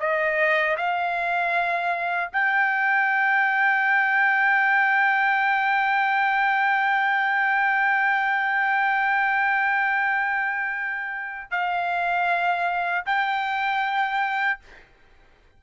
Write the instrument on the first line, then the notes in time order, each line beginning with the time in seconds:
trumpet
0.00 D#5
0.77 F5
2.33 G5
11.51 F5
13.06 G5